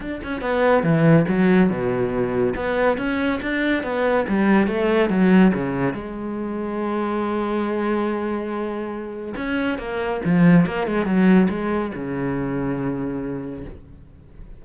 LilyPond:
\new Staff \with { instrumentName = "cello" } { \time 4/4 \tempo 4 = 141 d'8 cis'8 b4 e4 fis4 | b,2 b4 cis'4 | d'4 b4 g4 a4 | fis4 cis4 gis2~ |
gis1~ | gis2 cis'4 ais4 | f4 ais8 gis8 fis4 gis4 | cis1 | }